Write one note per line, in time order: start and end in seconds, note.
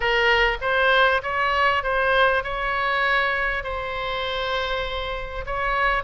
0.00 0.57 A#4
0.61 1.21 C5
1.23 1.83 C#5
1.83 2.43 C5
2.43 3.63 C#5
3.63 5.45 C5
5.45 6.03 C#5